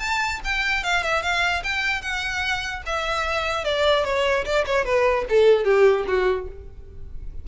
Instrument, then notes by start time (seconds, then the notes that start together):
violin
0.00 A5
0.44 G5
0.84 F5
1.03 E5
1.23 F5
1.64 G5
2.02 F#5
2.86 E5
3.65 D5
4.05 C#5
4.45 D5
4.66 C#5
4.85 B4
5.30 A4
5.65 G4
6.08 F#4